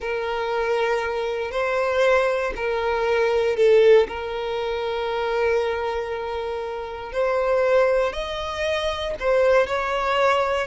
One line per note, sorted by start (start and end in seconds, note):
0.00 1.51 A#4
1.51 2.53 C5
2.55 3.56 A#4
3.56 4.07 A4
4.07 7.12 A#4
7.12 8.12 C5
8.12 9.14 D#5
9.19 9.66 C5
9.66 10.67 C#5